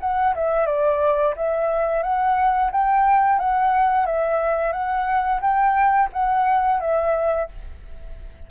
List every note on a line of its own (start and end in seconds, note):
0.00 0.34 F#5
0.35 0.66 E5
0.66 1.34 D5
1.36 2.02 E5
2.02 2.71 F#5
2.71 3.38 G5
3.38 4.06 F#5
4.06 4.72 E5
4.72 5.40 F#5
5.41 6.09 G5
6.12 6.80 F#5
6.80 7.48 E5